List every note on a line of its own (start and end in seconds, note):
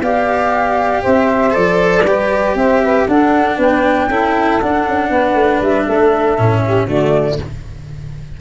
0.00 1.02 B3
0.00 1.50 G4
0.00 1.02 D5
0.00 1.03 F5
1.02 1.56 C4
1.02 2.03 C5
1.02 1.54 E5
1.50 2.03 F3
1.50 2.01 A4
1.50 2.56 D5
2.03 2.54 G3
2.03 3.08 G4
2.03 2.56 B4
2.55 3.05 C4
2.55 2.82 C5
2.55 3.07 E5
2.82 3.06 B4
3.06 3.58 D4
3.06 4.10 D4
3.06 3.56 A4
3.06 3.58 F#5
3.56 4.08 B3
3.56 4.07 B4
3.56 4.60 G5
4.07 4.59 C#4
4.07 4.61 E4
4.07 5.09 A4
4.60 6.37 D4
4.60 4.86 D4
4.60 5.61 F#5
4.86 5.09 C#4
5.09 5.34 B3
5.09 5.85 B4
5.34 5.59 A3
5.61 5.86 G3
5.61 6.89 E5
5.85 6.38 A3
5.85 6.62 A4
6.37 6.86 A2
6.37 6.87 C#4
6.64 6.86 G4
6.86 7.37 D3
6.86 7.38 A3
6.86 7.37 F#4
6.86 7.40 D5